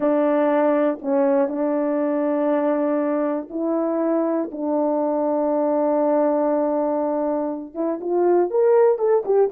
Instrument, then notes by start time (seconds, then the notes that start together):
horn
0.00 D4
1.01 C#4
1.48 D4
3.50 E4
4.51 D4
7.74 E4
8.00 F4
8.50 A#4
8.98 A4
9.25 G4